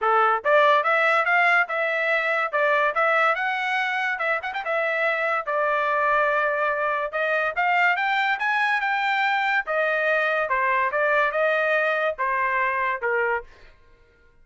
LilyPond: \new Staff \with { instrumentName = "trumpet" } { \time 4/4 \tempo 4 = 143 a'4 d''4 e''4 f''4 | e''2 d''4 e''4 | fis''2 e''8 fis''16 g''16 e''4~ | e''4 d''2.~ |
d''4 dis''4 f''4 g''4 | gis''4 g''2 dis''4~ | dis''4 c''4 d''4 dis''4~ | dis''4 c''2 ais'4 | }